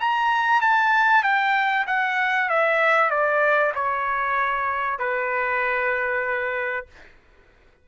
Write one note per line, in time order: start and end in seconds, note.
0.00 0.61 A#5
0.61 1.23 A5
1.23 1.86 G5
1.87 2.49 F#5
2.49 3.10 E5
3.10 3.73 D5
3.75 4.99 C#5
4.99 6.86 B4